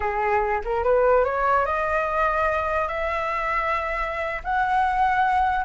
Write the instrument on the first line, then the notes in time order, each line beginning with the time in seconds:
flute
0.00 G#4
0.64 A#4
0.83 B4
1.24 C#5
1.65 D#5
2.88 E5
4.43 F#5